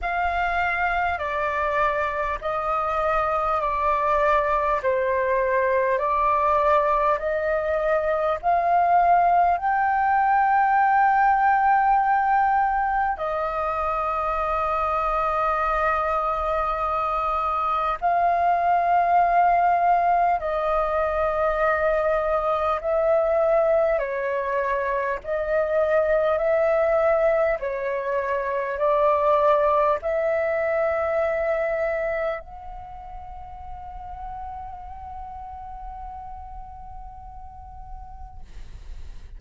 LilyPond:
\new Staff \with { instrumentName = "flute" } { \time 4/4 \tempo 4 = 50 f''4 d''4 dis''4 d''4 | c''4 d''4 dis''4 f''4 | g''2. dis''4~ | dis''2. f''4~ |
f''4 dis''2 e''4 | cis''4 dis''4 e''4 cis''4 | d''4 e''2 fis''4~ | fis''1 | }